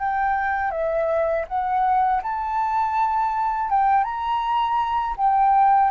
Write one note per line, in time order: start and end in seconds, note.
0.00 0.72 G5
0.72 1.46 E5
1.48 2.22 F#5
2.23 3.70 A5
3.70 4.04 G5
4.04 5.15 A#5
5.18 5.92 G5